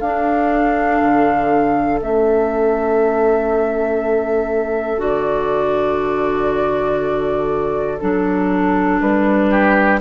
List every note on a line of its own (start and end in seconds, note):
0.00 1.01 D4
0.00 2.00 D4
0.00 9.50 A4
0.00 2.00 F5
1.03 2.01 D3
2.00 4.99 A3
2.00 4.98 C#4
2.00 5.02 E5
4.98 7.99 D3
4.98 7.98 F#4
4.98 8.00 D5
8.00 9.01 F#3
8.00 10.01 D4
8.00 9.00 A4
9.01 10.01 G3
9.01 10.01 B4
9.50 10.00 G4